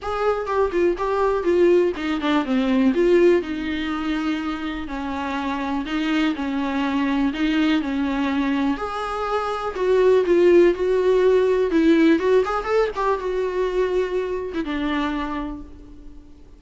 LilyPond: \new Staff \with { instrumentName = "viola" } { \time 4/4 \tempo 4 = 123 gis'4 g'8 f'8 g'4 f'4 | dis'8 d'8 c'4 f'4 dis'4~ | dis'2 cis'2 | dis'4 cis'2 dis'4 |
cis'2 gis'2 | fis'4 f'4 fis'2 | e'4 fis'8 gis'8 a'8 g'8 fis'4~ | fis'4.~ fis'16 e'16 d'2 | }